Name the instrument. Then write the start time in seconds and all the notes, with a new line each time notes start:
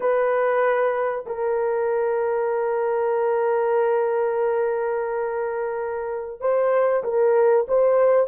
horn
0.00 B4
1.26 A#4
6.40 C5
7.03 A#4
7.68 C5